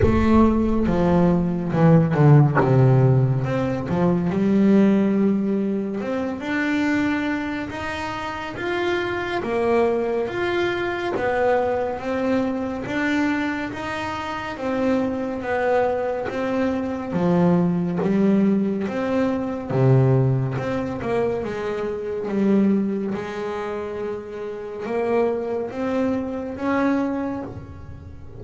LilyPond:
\new Staff \with { instrumentName = "double bass" } { \time 4/4 \tempo 4 = 70 a4 f4 e8 d8 c4 | c'8 f8 g2 c'8 d'8~ | d'4 dis'4 f'4 ais4 | f'4 b4 c'4 d'4 |
dis'4 c'4 b4 c'4 | f4 g4 c'4 c4 | c'8 ais8 gis4 g4 gis4~ | gis4 ais4 c'4 cis'4 | }